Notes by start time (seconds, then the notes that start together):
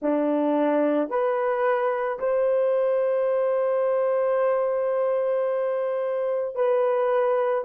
0.01 D4
1.09 B4
2.19 C5
6.55 B4